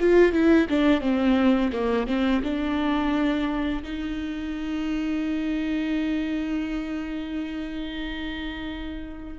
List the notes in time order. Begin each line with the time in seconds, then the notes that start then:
0.00 F4
0.33 E4
0.69 D4
1.01 C4
1.72 A#3
2.07 C4
2.44 D4
3.83 D#4